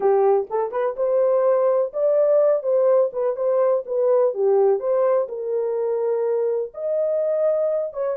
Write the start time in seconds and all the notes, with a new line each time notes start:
0.00 G4
0.49 A4
0.71 B4
0.96 C5
1.93 D5
2.62 C5
3.12 B4
3.36 C5
3.86 B4
4.34 G4
4.79 C5
5.28 A#4
6.73 D#5
7.93 C#5